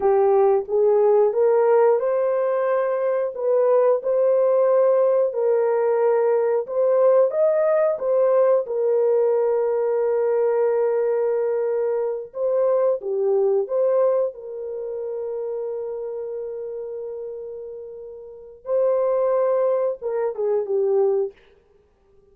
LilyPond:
\new Staff \with { instrumentName = "horn" } { \time 4/4 \tempo 4 = 90 g'4 gis'4 ais'4 c''4~ | c''4 b'4 c''2 | ais'2 c''4 dis''4 | c''4 ais'2.~ |
ais'2~ ais'8 c''4 g'8~ | g'8 c''4 ais'2~ ais'8~ | ais'1 | c''2 ais'8 gis'8 g'4 | }